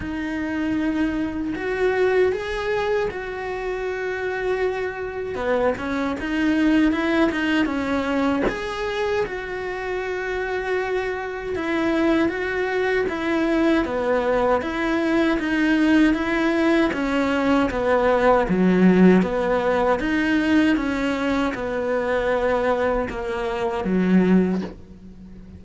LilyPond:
\new Staff \with { instrumentName = "cello" } { \time 4/4 \tempo 4 = 78 dis'2 fis'4 gis'4 | fis'2. b8 cis'8 | dis'4 e'8 dis'8 cis'4 gis'4 | fis'2. e'4 |
fis'4 e'4 b4 e'4 | dis'4 e'4 cis'4 b4 | fis4 b4 dis'4 cis'4 | b2 ais4 fis4 | }